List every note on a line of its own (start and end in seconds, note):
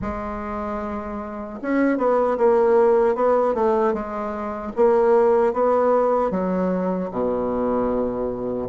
0.01 1.59 G#3
1.62 1.97 C#4
1.97 2.37 B3
2.37 3.15 A#3
3.15 3.54 B3
3.54 3.93 A3
3.93 4.72 G#3
4.75 5.53 A#3
5.53 6.31 B3
6.31 7.09 F#3
7.11 8.68 B2